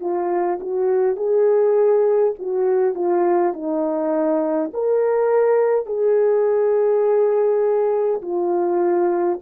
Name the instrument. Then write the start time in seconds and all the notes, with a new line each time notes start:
horn
0.00 F4
0.60 F#4
1.16 G#4
2.39 F#4
2.95 F4
3.53 D#4
4.73 A#4
5.86 G#4
8.21 F4